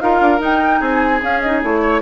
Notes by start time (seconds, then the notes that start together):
0.00 D#4 F4 A#4 F5
0.20 D4
0.39 D#4 G5
0.79 C4 G#4 G#5
1.22 C#4 F5
1.41 D#4 D#5
1.62 A3 E4 C#5
1.82 C#5